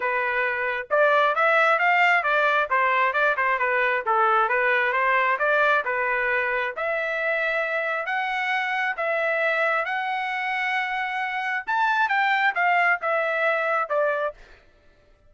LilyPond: \new Staff \with { instrumentName = "trumpet" } { \time 4/4 \tempo 4 = 134 b'2 d''4 e''4 | f''4 d''4 c''4 d''8 c''8 | b'4 a'4 b'4 c''4 | d''4 b'2 e''4~ |
e''2 fis''2 | e''2 fis''2~ | fis''2 a''4 g''4 | f''4 e''2 d''4 | }